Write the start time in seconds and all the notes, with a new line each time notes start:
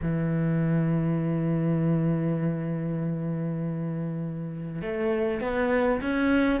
0.02 E3
4.81 A3
5.40 B3
6.01 C#4